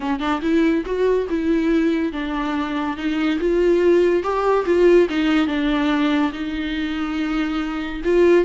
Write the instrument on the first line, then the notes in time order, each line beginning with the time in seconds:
viola
0.00 C#4
0.19 D4
0.41 E4
0.85 F#4
1.29 E4
2.12 D4
2.96 D#4
3.39 F4
4.23 G4
4.65 F4
5.09 D#4
5.47 D4
6.32 D#4
8.04 F4